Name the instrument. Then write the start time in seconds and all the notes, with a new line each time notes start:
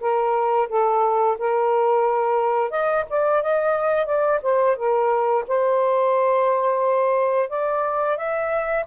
saxophone
0.00 A#4
0.68 A4
1.38 A#4
2.70 D#5
3.09 D5
3.42 D#5
4.05 D5
4.42 C5
4.76 A#4
5.47 C5
7.49 D5
8.17 E5